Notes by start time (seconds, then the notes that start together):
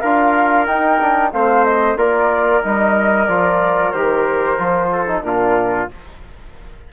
0.00 D4 F4 A#4 F5
0.66 D#4 G5
1.00 D4
1.32 A3 C4 C5 F5
1.64 D#5
1.96 A#3 F4 A#4 D5
2.62 G3 D#4 D#5
3.26 F3 F4 D5
3.91 D#3 G4 C5
4.58 F3 F4
4.91 A4
5.07 D#4
5.23 A#2 D4 F4 A#4